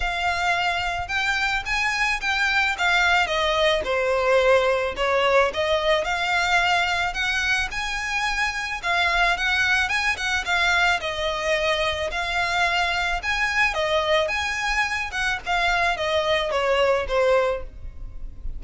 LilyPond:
\new Staff \with { instrumentName = "violin" } { \time 4/4 \tempo 4 = 109 f''2 g''4 gis''4 | g''4 f''4 dis''4 c''4~ | c''4 cis''4 dis''4 f''4~ | f''4 fis''4 gis''2 |
f''4 fis''4 gis''8 fis''8 f''4 | dis''2 f''2 | gis''4 dis''4 gis''4. fis''8 | f''4 dis''4 cis''4 c''4 | }